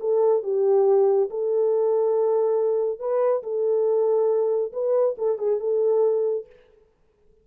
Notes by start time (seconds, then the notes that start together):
0.00 A4
0.43 G4
1.30 A4
2.99 B4
3.43 A4
4.72 B4
5.18 A4
5.38 G#4
5.60 A4